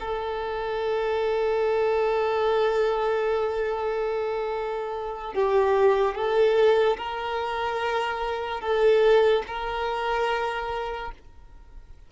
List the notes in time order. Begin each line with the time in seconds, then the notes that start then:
0.00 A4
5.34 G4
6.15 A4
6.98 A#4
8.61 A4
9.47 A#4